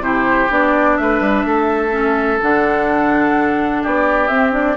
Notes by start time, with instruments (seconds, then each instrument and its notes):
0.00 bassoon C3, clarinet E4, oboe G4, flute C5
0.50 bassoon B3, clarinet D4, flute D5
0.97 bassoon A3, oboe B4, flute E5
1.21 bassoon G3
1.45 bassoon A3, oboe A4
1.91 clarinet C#4
2.43 bassoon D3, clarinet D4, flute F#5
3.83 bassoon B3, oboe G4, flute D5
4.28 bassoon C4, clarinet C4, flute E5
4.52 clarinet D4, flute D5